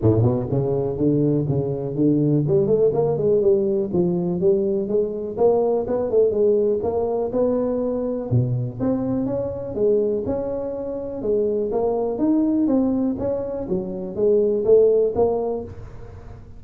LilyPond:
\new Staff \with { instrumentName = "tuba" } { \time 4/4 \tempo 4 = 123 a,8 b,8 cis4 d4 cis4 | d4 g8 a8 ais8 gis8 g4 | f4 g4 gis4 ais4 | b8 a8 gis4 ais4 b4~ |
b4 b,4 c'4 cis'4 | gis4 cis'2 gis4 | ais4 dis'4 c'4 cis'4 | fis4 gis4 a4 ais4 | }